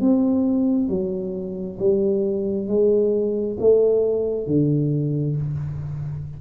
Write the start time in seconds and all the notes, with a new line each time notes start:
0.00 C4
0.88 F#3
1.79 G3
2.67 G#3
3.59 A3
4.46 D3